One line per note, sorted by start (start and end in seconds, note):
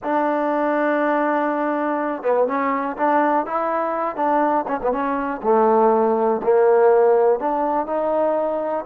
0.03 2.22 D4
2.22 2.47 B3
2.47 2.96 C#4
2.96 3.46 D4
3.46 4.16 E4
4.16 4.65 D4
4.67 4.80 C#4
4.82 4.92 B3
4.92 5.41 C#4
5.42 6.41 A3
6.43 7.39 A#3
7.39 7.86 D4
7.86 8.85 D#4